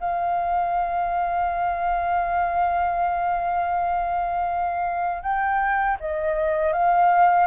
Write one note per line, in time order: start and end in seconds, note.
0.00 5.22 F5
5.22 5.97 G5
6.00 6.73 D#5
6.73 7.47 F5